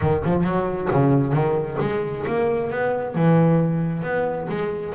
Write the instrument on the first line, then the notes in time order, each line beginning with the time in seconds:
double bass
0.01 D#3
0.24 F3
0.43 F#3
0.91 C#3
1.32 D#3
1.80 G#3
2.26 A#3
2.70 B3
3.14 E3
4.02 B3
4.49 G#3